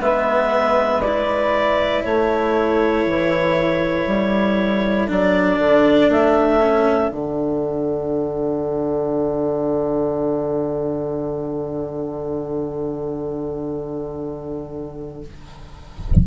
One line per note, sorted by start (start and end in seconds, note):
0.00 2.03 G#3
0.00 1.02 B3
0.00 2.04 B4
0.00 1.02 E5
1.02 5.08 E4
1.02 2.03 D5
2.04 3.06 A3
2.04 15.26 A4
2.04 5.09 C#5
3.06 4.07 E3
4.07 5.09 G3
5.08 5.58 F#3
5.08 6.60 D4
5.08 6.11 D5
5.58 6.09 D3
6.09 7.10 A3
6.09 7.11 E5
6.60 7.10 C#4
7.10 15.25 D3
7.10 15.23 D4
7.10 15.25 F#5